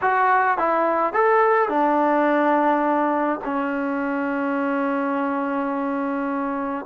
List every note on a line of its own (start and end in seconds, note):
0.01 0.57 F#4
0.57 1.13 E4
1.13 1.68 A4
1.68 3.40 D4
3.44 6.85 C#4